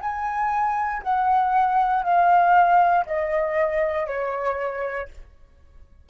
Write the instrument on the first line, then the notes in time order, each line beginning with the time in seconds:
flute
0.00 G#5
1.03 F#5
2.03 F5
3.06 D#5
4.06 C#5